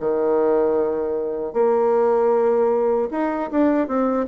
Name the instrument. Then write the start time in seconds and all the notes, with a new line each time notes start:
bassoon
0.00 D#3
1.53 A#3
3.11 D#4
3.51 D4
3.87 C4